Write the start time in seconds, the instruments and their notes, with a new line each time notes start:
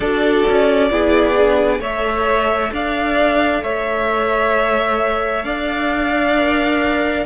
0.00 cello D4, viola F#4, violin A4 D5
0.49 cello C#4
0.90 cello B3, viola E4, violin G#4
1.37 viola D4
1.79 cello A3, viola A4, violin C#5 E5
2.71 cello D4, violin D5 F5
3.62 cello A3, violin C#5 E5
5.44 cello D4, violin D5 F5
6.37 viola A#4